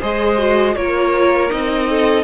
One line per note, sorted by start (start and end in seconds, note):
0.00 0.76 G#3
0.00 0.38 G#4
0.00 0.75 C5
0.00 0.76 D#5
0.38 0.75 F#4
0.76 1.51 A#3
0.76 1.49 F4
0.76 1.89 A#4
0.76 1.51 C#5
1.49 2.24 C4
1.49 2.24 D#4
1.49 2.24 D#5
1.89 2.24 A4